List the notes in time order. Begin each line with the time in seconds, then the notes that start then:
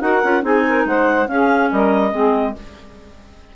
0.00 D#4 F#4 A#4 F#5
0.23 C#4 F4
0.41 C4 D#4 G#4 G#5
0.68 A#4
0.85 G#3 C5 F#5
1.27 C#4 G#4 F5
1.70 G3 A#4 D#5
2.11 G#3 C4 G#4